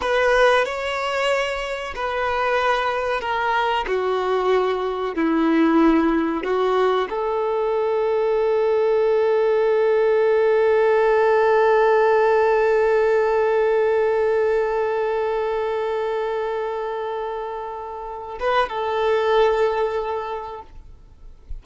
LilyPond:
\new Staff \with { instrumentName = "violin" } { \time 4/4 \tempo 4 = 93 b'4 cis''2 b'4~ | b'4 ais'4 fis'2 | e'2 fis'4 a'4~ | a'1~ |
a'1~ | a'1~ | a'1~ | a'8 b'8 a'2. | }